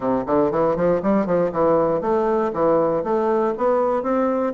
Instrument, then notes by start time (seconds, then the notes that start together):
bassoon
0.00 C3
0.26 D3
0.51 E3
0.76 F3
1.02 G3
1.26 F3
1.51 E3
2.01 A3
2.53 E3
3.03 A3
3.57 B3
4.02 C4